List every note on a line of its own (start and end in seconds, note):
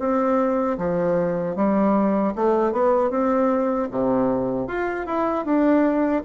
0.00 0.78 C4
0.78 1.56 F3
1.56 2.34 G3
2.36 2.73 A3
2.73 3.11 B3
3.11 3.89 C4
3.91 4.68 C3
4.68 5.06 F4
5.06 5.45 E4
5.45 6.23 D4